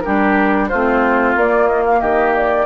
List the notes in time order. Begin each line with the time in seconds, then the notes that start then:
0.00 G3 D4 G4 A#4
0.68 A3 C4 F4 C5
1.35 A#3 D5
1.67 D#5
1.85 F5
2.00 D#3 G4 D#5
2.36 D5